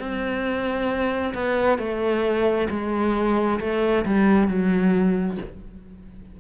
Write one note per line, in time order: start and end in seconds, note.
0.00 1.34 C4
1.35 1.79 B3
1.79 2.69 A3
2.70 3.60 G#3
3.61 4.05 A3
4.05 4.49 G3
4.49 5.38 F#3